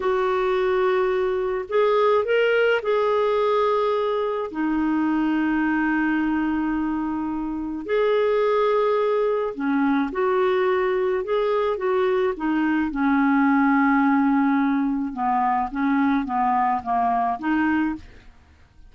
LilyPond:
\new Staff \with { instrumentName = "clarinet" } { \time 4/4 \tempo 4 = 107 fis'2. gis'4 | ais'4 gis'2. | dis'1~ | dis'2 gis'2~ |
gis'4 cis'4 fis'2 | gis'4 fis'4 dis'4 cis'4~ | cis'2. b4 | cis'4 b4 ais4 dis'4 | }